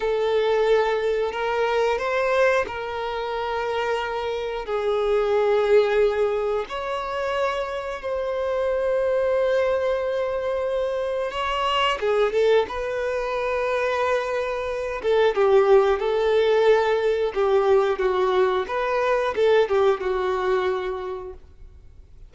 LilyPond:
\new Staff \with { instrumentName = "violin" } { \time 4/4 \tempo 4 = 90 a'2 ais'4 c''4 | ais'2. gis'4~ | gis'2 cis''2 | c''1~ |
c''4 cis''4 gis'8 a'8 b'4~ | b'2~ b'8 a'8 g'4 | a'2 g'4 fis'4 | b'4 a'8 g'8 fis'2 | }